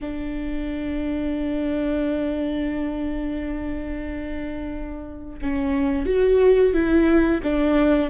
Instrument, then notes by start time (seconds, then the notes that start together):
viola
0.00 D4
5.41 C#4
6.06 F#4
6.73 E4
7.43 D4